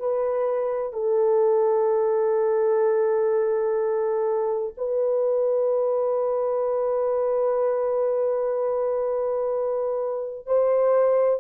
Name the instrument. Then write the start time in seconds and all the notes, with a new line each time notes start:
horn
0.00 B4
0.94 A4
4.77 B4
10.47 C5